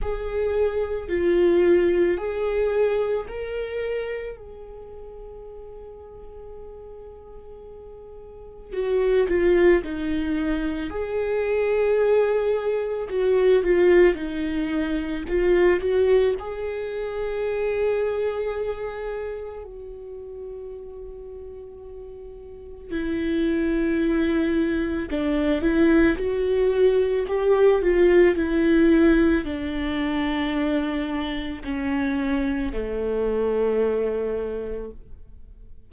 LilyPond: \new Staff \with { instrumentName = "viola" } { \time 4/4 \tempo 4 = 55 gis'4 f'4 gis'4 ais'4 | gis'1 | fis'8 f'8 dis'4 gis'2 | fis'8 f'8 dis'4 f'8 fis'8 gis'4~ |
gis'2 fis'2~ | fis'4 e'2 d'8 e'8 | fis'4 g'8 f'8 e'4 d'4~ | d'4 cis'4 a2 | }